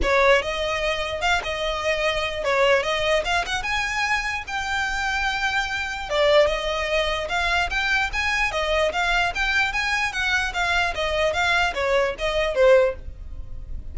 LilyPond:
\new Staff \with { instrumentName = "violin" } { \time 4/4 \tempo 4 = 148 cis''4 dis''2 f''8 dis''8~ | dis''2 cis''4 dis''4 | f''8 fis''8 gis''2 g''4~ | g''2. d''4 |
dis''2 f''4 g''4 | gis''4 dis''4 f''4 g''4 | gis''4 fis''4 f''4 dis''4 | f''4 cis''4 dis''4 c''4 | }